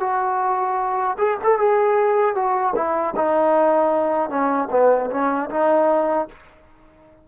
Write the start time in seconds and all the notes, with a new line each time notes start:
0.00 F#4
1.18 G#4
1.43 A4
1.58 G#4
2.35 F#4
2.75 E4
3.16 D#4
4.30 C#4
4.71 B3
5.10 C#4
5.50 D#4